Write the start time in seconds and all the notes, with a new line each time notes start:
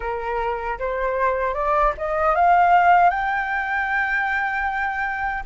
0.00 A#4
0.78 C5
1.54 D5
1.97 D#5
2.35 F5
3.10 G5